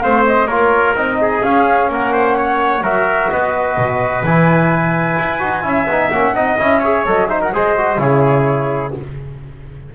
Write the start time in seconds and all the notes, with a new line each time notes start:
0.00 A3 C4 C5 F5
0.26 D#5
0.46 A#3 F4 A#4 C#5
0.95 C4 D#4 D#5
1.21 G#4
1.41 C#4 F5
1.88 A#3 A#4 F#5
2.12 C5
2.36 C#5
2.81 F#3 F#4 A#4 E5
3.30 B3 B4 D#5
3.77 B2
4.23 E3 E4 G#5
5.18 E4
5.39 D#4 F#4
5.61 C#4 E4 E5
5.86 B3 D#4
6.09 A#3 C#4 F#5
6.33 C4 D#4 D#5
6.58 C#4 E4 E5
6.79 G#4 C#5
7.05 F#3 A4 D#5
7.27 D#4 C5 E5
7.41 A#4 F#5
7.52 G#3 G#4 C5 D#5
7.77 F#4
7.97 C#3 E4 G#4 C#5